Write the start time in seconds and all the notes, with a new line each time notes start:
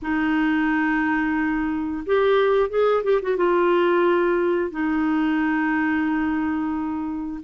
0.02 D#4
2.06 G4
2.69 G#4
3.03 G4
3.22 F#4
3.36 F4
4.70 D#4